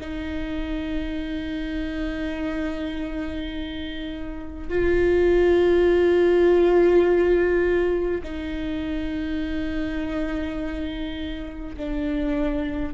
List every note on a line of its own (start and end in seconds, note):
0.00 4.68 D#4
4.68 8.21 F4
8.22 11.75 D#4
11.76 12.94 D4